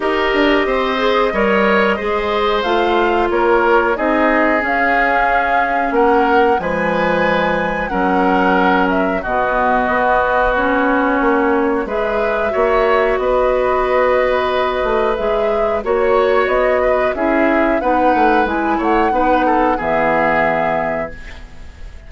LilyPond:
<<
  \new Staff \with { instrumentName = "flute" } { \time 4/4 \tempo 4 = 91 dis''1 | f''4 cis''4 dis''4 f''4~ | f''4 fis''4 gis''2 | fis''4. e''8 dis''2 |
cis''2 e''2 | dis''2. e''4 | cis''4 dis''4 e''4 fis''4 | gis''8 fis''4. e''2 | }
  \new Staff \with { instrumentName = "oboe" } { \time 4/4 ais'4 c''4 cis''4 c''4~ | c''4 ais'4 gis'2~ | gis'4 ais'4 b'2 | ais'2 fis'2~ |
fis'2 b'4 cis''4 | b'1 | cis''4. b'8 gis'4 b'4~ | b'8 cis''8 b'8 a'8 gis'2 | }
  \new Staff \with { instrumentName = "clarinet" } { \time 4/4 g'4. gis'8 ais'4 gis'4 | f'2 dis'4 cis'4~ | cis'2 gis2 | cis'2 b2 |
cis'2 gis'4 fis'4~ | fis'2. gis'4 | fis'2 e'4 dis'4 | e'4 dis'4 b2 | }
  \new Staff \with { instrumentName = "bassoon" } { \time 4/4 dis'8 d'8 c'4 g4 gis4 | a4 ais4 c'4 cis'4~ | cis'4 ais4 f2 | fis2 b,4 b4~ |
b4 ais4 gis4 ais4 | b2~ b8 a8 gis4 | ais4 b4 cis'4 b8 a8 | gis8 a8 b4 e2 | }
>>